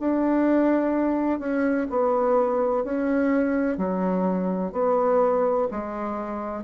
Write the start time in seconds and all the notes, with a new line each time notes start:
0.00 D4
1.40 C#4
1.90 B3
2.84 C#4
3.78 F#3
4.73 B3
5.71 G#3